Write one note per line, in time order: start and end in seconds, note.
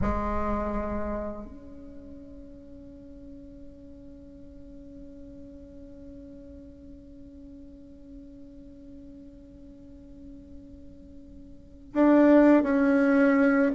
0.01 1.45 G#3
1.45 11.93 C#4
11.93 12.63 D4
12.63 13.71 C#4